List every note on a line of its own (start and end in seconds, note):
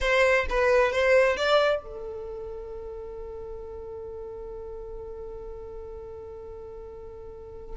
0.00 0.46 C5
0.49 0.92 B4
0.92 1.36 C5
1.36 1.82 D5
1.82 7.76 A4